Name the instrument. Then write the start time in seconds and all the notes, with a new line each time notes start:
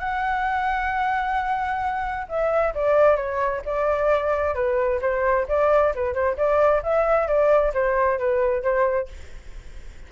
flute
0.00 F#5
2.29 E5
2.75 D5
3.17 C#5
3.66 D5
4.55 B4
5.02 C5
5.49 D5
5.95 B4
6.14 C5
6.37 D5
6.83 E5
7.28 D5
7.74 C5
8.19 B4
8.63 C5